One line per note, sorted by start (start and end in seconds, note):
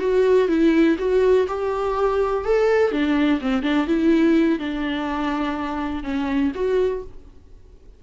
0.00 0.48 F#4
0.48 0.97 E4
0.99 1.47 F#4
1.48 2.45 G4
2.45 2.92 A4
2.92 3.40 D4
3.41 3.63 C4
3.63 3.87 D4
3.87 4.59 E4
4.59 6.04 D4
6.04 6.52 C#4
6.55 7.03 F#4